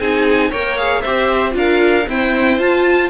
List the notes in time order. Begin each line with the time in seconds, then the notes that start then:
0.00 C4 D#4 G#4 G#5
0.50 A#3 A#4 C#5 G5
0.78 G#4 F5
1.02 C4 G4 C5 E5
1.51 D4 F4
1.57 A#4 F5
2.08 C4 E4 C5 G5
2.59 F4 A5